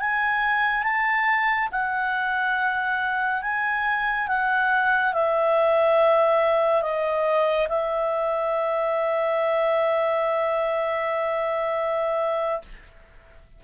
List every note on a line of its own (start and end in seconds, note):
0.00 0.83 G#5
0.83 1.69 A5
1.72 3.42 F#5
3.42 4.28 G#5
4.28 5.14 F#5
5.14 6.82 E5
6.82 7.68 D#5
7.69 12.62 E5